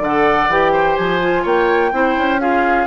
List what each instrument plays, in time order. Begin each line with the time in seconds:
0.00 bassoon D3, oboe D5, flute F#5
0.06 clarinet A4
0.49 bassoon E3, clarinet G4, flute G5
0.73 oboe C5
0.97 bassoon F3, flute G#5
1.22 clarinet F4
1.43 bassoon A#3, oboe C#5, flute G5
1.92 bassoon C4, clarinet E4, oboe C5
2.18 bassoon C#4
2.40 clarinet F4, oboe G#4, flute F5